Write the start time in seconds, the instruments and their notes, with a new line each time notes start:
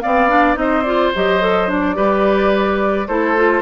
0.00 bassoon B3, clarinet C4, oboe D5, flute F5
0.28 clarinet D4
0.54 bassoon C4, clarinet D#4, flute D#5
0.61 oboe C5
0.83 clarinet F4, flute D5
1.15 bassoon F#3, clarinet G4, flute D#5
1.41 clarinet A4
1.67 clarinet D4, flute D5
1.94 bassoon G3, clarinet G4, oboe B4
3.07 bassoon A3, clarinet E4, oboe A4, flute C5
3.36 clarinet F4